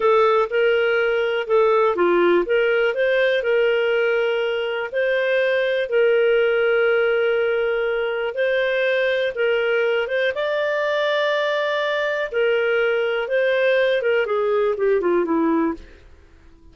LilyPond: \new Staff \with { instrumentName = "clarinet" } { \time 4/4 \tempo 4 = 122 a'4 ais'2 a'4 | f'4 ais'4 c''4 ais'4~ | ais'2 c''2 | ais'1~ |
ais'4 c''2 ais'4~ | ais'8 c''8 d''2.~ | d''4 ais'2 c''4~ | c''8 ais'8 gis'4 g'8 f'8 e'4 | }